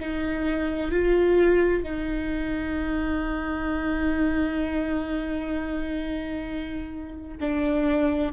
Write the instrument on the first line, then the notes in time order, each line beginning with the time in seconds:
viola
0.00 D#4
0.91 F4
1.83 D#4
7.41 D4